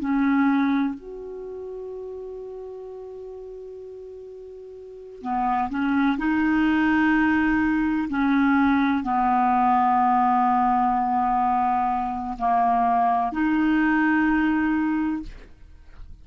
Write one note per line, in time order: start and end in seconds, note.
0.00 0.95 C#4
0.95 5.22 F#4
5.22 5.70 B3
5.70 6.18 C#4
6.18 8.09 D#4
8.10 9.04 C#4
9.04 12.37 B3
12.39 13.32 A#3
13.32 15.23 D#4